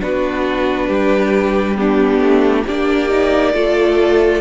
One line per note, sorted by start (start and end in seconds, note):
0.00 0.88 B3
0.00 1.76 D4
0.00 0.89 F#4
0.00 1.76 B4
0.88 2.19 G3
0.88 1.77 G4
1.76 2.65 B3
1.76 2.66 D4
1.76 2.65 G4
2.19 2.63 A3
2.66 3.54 A#3
2.66 3.10 D4
2.66 3.54 G4
2.66 4.41 D5
3.10 3.54 D#4
3.54 4.41 A3
3.54 4.41 F4
3.54 4.41 A4